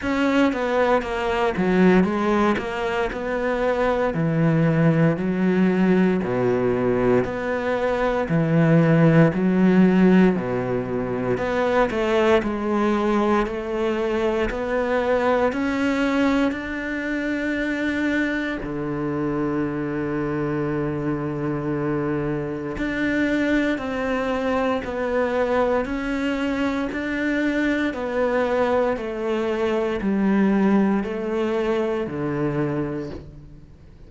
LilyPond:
\new Staff \with { instrumentName = "cello" } { \time 4/4 \tempo 4 = 58 cis'8 b8 ais8 fis8 gis8 ais8 b4 | e4 fis4 b,4 b4 | e4 fis4 b,4 b8 a8 | gis4 a4 b4 cis'4 |
d'2 d2~ | d2 d'4 c'4 | b4 cis'4 d'4 b4 | a4 g4 a4 d4 | }